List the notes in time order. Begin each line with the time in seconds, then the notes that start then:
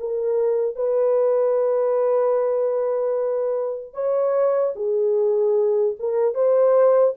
0.00 A#4
0.76 B4
3.94 C#5
4.76 G#4
6.00 A#4
6.35 C5